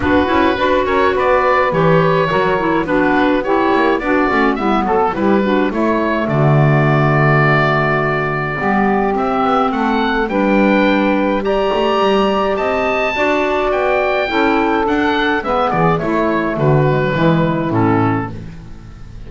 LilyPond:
<<
  \new Staff \with { instrumentName = "oboe" } { \time 4/4 \tempo 4 = 105 b'4. cis''8 d''4 cis''4~ | cis''4 b'4 cis''4 d''4 | e''8 a'8 b'4 cis''4 d''4~ | d''1 |
e''4 fis''4 g''2 | ais''2 a''2 | g''2 fis''4 e''8 d''8 | cis''4 b'2 a'4 | }
  \new Staff \with { instrumentName = "saxophone" } { \time 4/4 fis'4 b'8 ais'8 b'2 | ais'4 fis'4 g'4 fis'4 | e'8 a'8 g'8 fis'8 e'4 fis'4~ | fis'2. g'4~ |
g'4 a'4 b'2 | d''2 dis''4 d''4~ | d''4 a'2 b'8 gis'8 | e'4 fis'4 e'2 | }
  \new Staff \with { instrumentName = "clarinet" } { \time 4/4 d'8 e'8 fis'2 g'4 | fis'8 e'8 d'4 e'4 d'8 cis'8 | b4 e'8 d'8 a2~ | a2. b4 |
c'2 d'2 | g'2. fis'4~ | fis'4 e'4 d'4 b4 | a4. gis16 fis16 gis4 cis'4 | }
  \new Staff \with { instrumentName = "double bass" } { \time 4/4 b8 cis'8 d'8 cis'8 b4 e4 | fis4 b4. ais8 b8 a8 | g8 fis8 g4 a4 d4~ | d2. g4 |
c'8 b8 a4 g2~ | g8 a8 g4 c'4 d'4 | b4 cis'4 d'4 gis8 e8 | a4 d4 e4 a,4 | }
>>